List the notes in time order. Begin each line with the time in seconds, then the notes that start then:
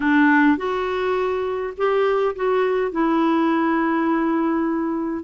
0.00 D4
0.57 F#4
1.77 G4
2.35 F#4
2.91 E4